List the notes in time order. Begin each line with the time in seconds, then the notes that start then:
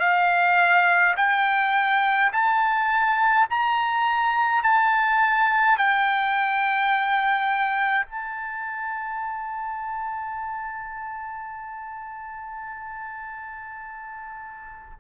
0.00 F5
1.17 G5
2.33 A5
3.50 A#5
4.63 A5
5.78 G5
8.06 A5